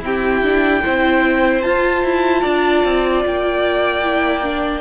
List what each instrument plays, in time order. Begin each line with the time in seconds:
0.00 viola C4, cello E4, violin G4 G5
0.44 viola D4
0.84 cello C4, viola E4, violin C5
1.62 viola F4, cello F4, violin A5
2.03 cello E4
2.42 cello D4, violin D5
2.84 cello C4
3.25 cello A#3, violin G5
4.04 viola E4
4.43 viola D4